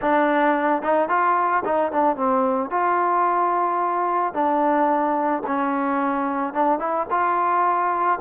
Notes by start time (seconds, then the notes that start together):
0.01 D4
0.82 D#4
1.08 F4
1.65 D#4
1.91 D4
2.16 C4
2.70 F4
4.33 D4
5.47 C#4
6.53 D4
6.79 E4
7.10 F4